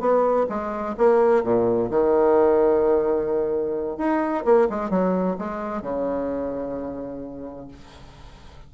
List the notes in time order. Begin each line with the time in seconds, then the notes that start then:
0.00 B3
0.49 G#3
0.98 A#3
1.44 A#2
1.91 D#3
3.98 D#4
4.45 A#3
4.70 G#3
4.90 F#3
5.38 G#3
5.82 C#3